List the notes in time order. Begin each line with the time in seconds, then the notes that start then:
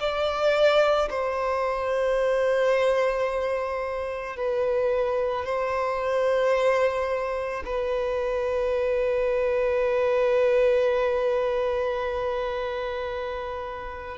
0.00 D5
1.10 C5
4.36 B4
5.45 C5
7.65 B4